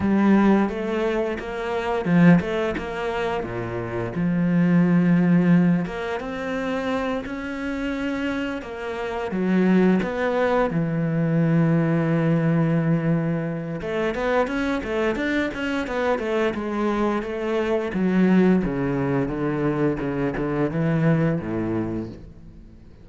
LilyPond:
\new Staff \with { instrumentName = "cello" } { \time 4/4 \tempo 4 = 87 g4 a4 ais4 f8 a8 | ais4 ais,4 f2~ | f8 ais8 c'4. cis'4.~ | cis'8 ais4 fis4 b4 e8~ |
e1 | a8 b8 cis'8 a8 d'8 cis'8 b8 a8 | gis4 a4 fis4 cis4 | d4 cis8 d8 e4 a,4 | }